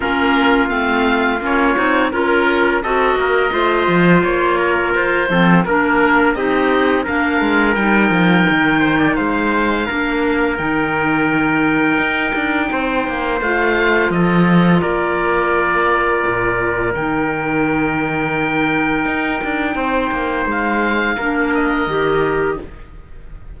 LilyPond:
<<
  \new Staff \with { instrumentName = "oboe" } { \time 4/4 \tempo 4 = 85 ais'4 f''4 cis''4 ais'4 | dis''2 cis''4 c''4 | ais'4 dis''4 f''4 g''4~ | g''4 f''2 g''4~ |
g''2. f''4 | dis''4 d''2. | g''1~ | g''4 f''4. dis''4. | }
  \new Staff \with { instrumentName = "trumpet" } { \time 4/4 f'2. ais'4 | a'8 ais'8 c''4. ais'4 a'8 | ais'4 g'4 ais'2~ | ais'8 c''16 d''16 c''4 ais'2~ |
ais'2 c''2 | a'4 ais'2.~ | ais'1 | c''2 ais'2 | }
  \new Staff \with { instrumentName = "clarinet" } { \time 4/4 cis'4 c'4 cis'8 dis'8 f'4 | fis'4 f'2~ f'8 c'8 | d'4 dis'4 d'4 dis'4~ | dis'2 d'4 dis'4~ |
dis'2. f'4~ | f'1 | dis'1~ | dis'2 d'4 g'4 | }
  \new Staff \with { instrumentName = "cello" } { \time 4/4 ais4 a4 ais8 c'8 cis'4 | c'8 ais8 a8 f8 ais4 f'8 f8 | ais4 c'4 ais8 gis8 g8 f8 | dis4 gis4 ais4 dis4~ |
dis4 dis'8 d'8 c'8 ais8 a4 | f4 ais2 ais,4 | dis2. dis'8 d'8 | c'8 ais8 gis4 ais4 dis4 | }
>>